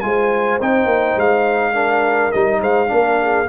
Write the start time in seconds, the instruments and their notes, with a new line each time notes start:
0.00 tuba G#3, trombone F4, horn C5, trumpet G#5
0.61 tuba C4, trombone D#4, trumpet G5
0.85 tuba A#3
1.16 tuba G#3, trumpet F5
1.73 trombone D4, horn A#4
2.31 tuba G3, trombone D#4, trumpet D#5
2.60 tuba G#3, horn C5, trumpet F5
2.87 tuba A#3, trombone D4, horn A#4
3.22 horn G#4